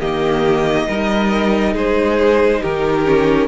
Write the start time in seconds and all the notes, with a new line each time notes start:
0.00 D#3 A#3 G4 D#5
0.88 G3 D#4 A#4
1.73 G#3 G#4 C5
2.61 D#3 G4 A#4
3.05 C#4